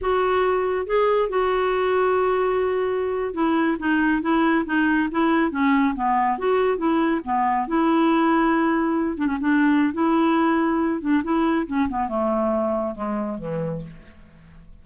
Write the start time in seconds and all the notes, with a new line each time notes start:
0.01 F#4
0.86 G#4
1.29 F#4
3.34 E4
3.79 D#4
4.21 E4
4.65 D#4
5.11 E4
5.51 C#4
5.95 B3
6.38 F#4
6.77 E4
7.24 B3
7.67 E4
9.17 D4
9.26 C#4
9.40 D4
9.93 E4
11.01 D4
11.23 E4
11.66 C#4
11.88 B3
12.08 A3
12.95 G#3
13.38 E3